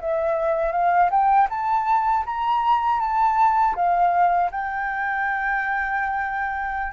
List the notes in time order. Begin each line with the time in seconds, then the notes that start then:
0.00 E5
0.72 F5
1.10 G5
1.49 A5
2.26 A#5
3.00 A5
3.75 F5
4.51 G5